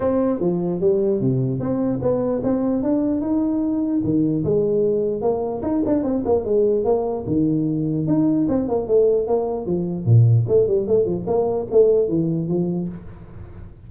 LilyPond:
\new Staff \with { instrumentName = "tuba" } { \time 4/4 \tempo 4 = 149 c'4 f4 g4 c4 | c'4 b4 c'4 d'4 | dis'2 dis4 gis4~ | gis4 ais4 dis'8 d'8 c'8 ais8 |
gis4 ais4 dis2 | dis'4 c'8 ais8 a4 ais4 | f4 ais,4 a8 g8 a8 f8 | ais4 a4 e4 f4 | }